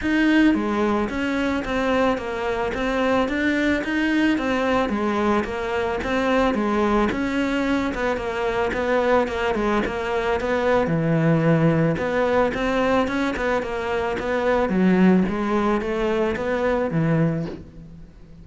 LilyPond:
\new Staff \with { instrumentName = "cello" } { \time 4/4 \tempo 4 = 110 dis'4 gis4 cis'4 c'4 | ais4 c'4 d'4 dis'4 | c'4 gis4 ais4 c'4 | gis4 cis'4. b8 ais4 |
b4 ais8 gis8 ais4 b4 | e2 b4 c'4 | cis'8 b8 ais4 b4 fis4 | gis4 a4 b4 e4 | }